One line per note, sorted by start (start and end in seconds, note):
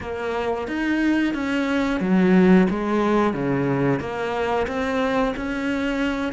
0.00 0.67 A#3
0.67 1.34 D#4
1.34 2.00 C#4
2.00 2.67 F#3
2.70 3.33 G#3
3.33 4.00 C#3
4.00 4.66 A#3
4.67 5.34 C4
5.36 6.32 C#4